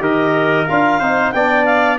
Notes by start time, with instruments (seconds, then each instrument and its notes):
0.00 tuba D#3, trombone G4, trumpet A#4, clarinet D#5
0.67 tuba D4, trombone F4, clarinet F5
1.00 tuba C4, trombone D#4, trumpet C5
1.32 tuba B3, trombone D4, trumpet D5, clarinet G5
1.65 clarinet F5